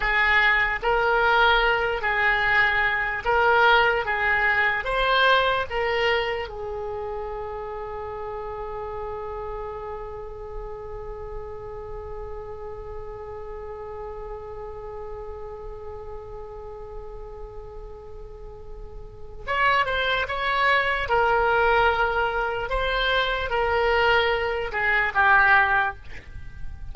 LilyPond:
\new Staff \with { instrumentName = "oboe" } { \time 4/4 \tempo 4 = 74 gis'4 ais'4. gis'4. | ais'4 gis'4 c''4 ais'4 | gis'1~ | gis'1~ |
gis'1~ | gis'1 | cis''8 c''8 cis''4 ais'2 | c''4 ais'4. gis'8 g'4 | }